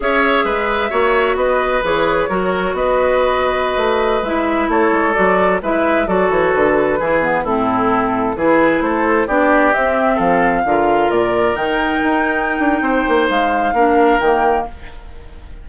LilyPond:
<<
  \new Staff \with { instrumentName = "flute" } { \time 4/4 \tempo 4 = 131 e''2. dis''4 | cis''2 dis''2~ | dis''4~ dis''16 e''4 cis''4 d''8.~ | d''16 e''4 d''8 cis''8 b'4.~ b'16~ |
b'16 a'2 b'4 c''8.~ | c''16 d''4 e''4 f''4.~ f''16~ | f''16 d''4 g''2~ g''8.~ | g''4 f''2 g''4 | }
  \new Staff \with { instrumentName = "oboe" } { \time 4/4 cis''4 b'4 cis''4 b'4~ | b'4 ais'4 b'2~ | b'2~ b'16 a'4.~ a'16~ | a'16 b'4 a'2 gis'8.~ |
gis'16 e'2 gis'4 a'8.~ | a'16 g'2 a'4 ais'8.~ | ais'1 | c''2 ais'2 | }
  \new Staff \with { instrumentName = "clarinet" } { \time 4/4 gis'2 fis'2 | gis'4 fis'2.~ | fis'4~ fis'16 e'2 fis'8.~ | fis'16 e'4 fis'2 e'8 b16~ |
b16 c'2 e'4.~ e'16~ | e'16 d'4 c'2 f'8.~ | f'4~ f'16 dis'2~ dis'8.~ | dis'2 d'4 ais4 | }
  \new Staff \with { instrumentName = "bassoon" } { \time 4/4 cis'4 gis4 ais4 b4 | e4 fis4 b2~ | b16 a4 gis4 a8 gis8 fis8.~ | fis16 gis4 fis8 e8 d4 e8.~ |
e16 a,2 e4 a8.~ | a16 b4 c'4 f4 d8.~ | d16 ais,4 dis4 dis'4~ dis'16 d'8 | c'8 ais8 gis4 ais4 dis4 | }
>>